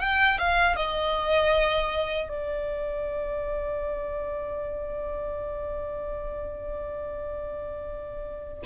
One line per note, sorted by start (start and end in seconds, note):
0.00 0.38 G5
0.38 0.76 F5
0.76 2.29 D#5
2.29 8.63 D5